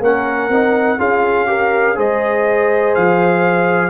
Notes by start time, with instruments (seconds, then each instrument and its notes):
0.00 tuba A#3, trombone C#4, horn A#4, trumpet F#5
0.49 tuba C4, trombone D#4
0.98 tuba C#4, trombone F4, horn G#4, trumpet F5
1.46 trombone G4, horn A#4
1.95 tuba G#3, trombone G#4, horn C5, trumpet D#5
2.95 tuba F3, trumpet F5